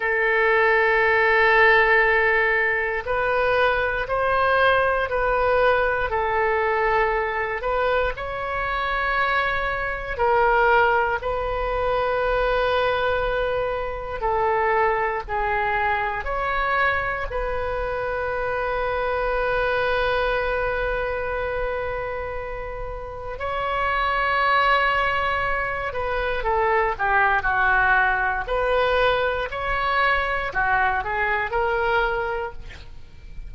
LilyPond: \new Staff \with { instrumentName = "oboe" } { \time 4/4 \tempo 4 = 59 a'2. b'4 | c''4 b'4 a'4. b'8 | cis''2 ais'4 b'4~ | b'2 a'4 gis'4 |
cis''4 b'2.~ | b'2. cis''4~ | cis''4. b'8 a'8 g'8 fis'4 | b'4 cis''4 fis'8 gis'8 ais'4 | }